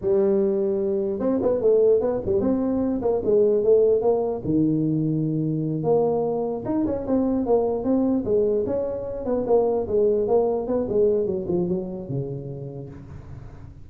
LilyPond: \new Staff \with { instrumentName = "tuba" } { \time 4/4 \tempo 4 = 149 g2. c'8 b8 | a4 b8 g8 c'4. ais8 | gis4 a4 ais4 dis4~ | dis2~ dis8 ais4.~ |
ais8 dis'8 cis'8 c'4 ais4 c'8~ | c'8 gis4 cis'4. b8 ais8~ | ais8 gis4 ais4 b8 gis4 | fis8 f8 fis4 cis2 | }